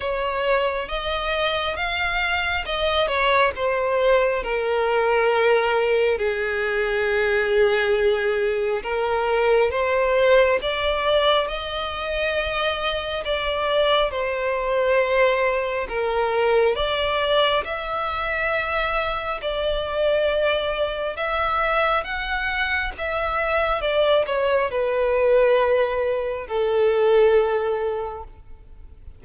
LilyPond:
\new Staff \with { instrumentName = "violin" } { \time 4/4 \tempo 4 = 68 cis''4 dis''4 f''4 dis''8 cis''8 | c''4 ais'2 gis'4~ | gis'2 ais'4 c''4 | d''4 dis''2 d''4 |
c''2 ais'4 d''4 | e''2 d''2 | e''4 fis''4 e''4 d''8 cis''8 | b'2 a'2 | }